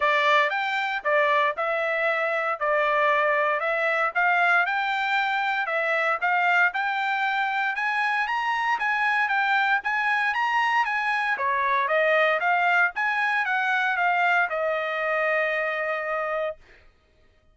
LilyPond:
\new Staff \with { instrumentName = "trumpet" } { \time 4/4 \tempo 4 = 116 d''4 g''4 d''4 e''4~ | e''4 d''2 e''4 | f''4 g''2 e''4 | f''4 g''2 gis''4 |
ais''4 gis''4 g''4 gis''4 | ais''4 gis''4 cis''4 dis''4 | f''4 gis''4 fis''4 f''4 | dis''1 | }